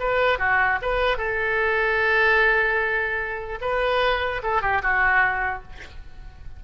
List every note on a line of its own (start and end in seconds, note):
0.00 0.39 B4
0.39 0.79 F#4
0.82 1.17 B4
1.17 3.59 A4
3.61 4.41 B4
4.43 4.62 A4
4.62 4.82 G4
4.82 5.62 F#4